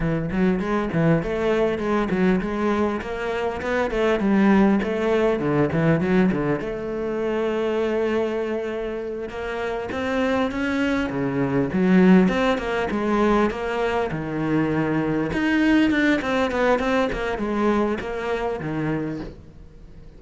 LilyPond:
\new Staff \with { instrumentName = "cello" } { \time 4/4 \tempo 4 = 100 e8 fis8 gis8 e8 a4 gis8 fis8 | gis4 ais4 b8 a8 g4 | a4 d8 e8 fis8 d8 a4~ | a2.~ a8 ais8~ |
ais8 c'4 cis'4 cis4 fis8~ | fis8 c'8 ais8 gis4 ais4 dis8~ | dis4. dis'4 d'8 c'8 b8 | c'8 ais8 gis4 ais4 dis4 | }